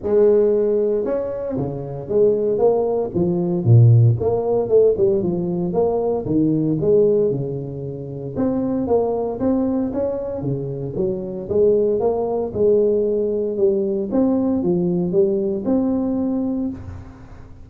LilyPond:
\new Staff \with { instrumentName = "tuba" } { \time 4/4 \tempo 4 = 115 gis2 cis'4 cis4 | gis4 ais4 f4 ais,4 | ais4 a8 g8 f4 ais4 | dis4 gis4 cis2 |
c'4 ais4 c'4 cis'4 | cis4 fis4 gis4 ais4 | gis2 g4 c'4 | f4 g4 c'2 | }